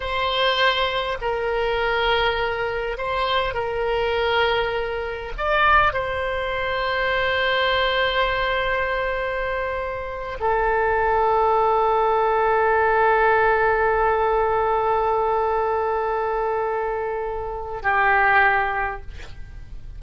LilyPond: \new Staff \with { instrumentName = "oboe" } { \time 4/4 \tempo 4 = 101 c''2 ais'2~ | ais'4 c''4 ais'2~ | ais'4 d''4 c''2~ | c''1~ |
c''4. a'2~ a'8~ | a'1~ | a'1~ | a'2 g'2 | }